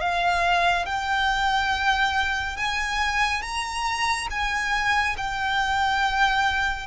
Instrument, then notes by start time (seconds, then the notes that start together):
violin
0.00 F5
0.85 G5
2.56 G#5
3.42 A#5
4.30 G#5
5.17 G5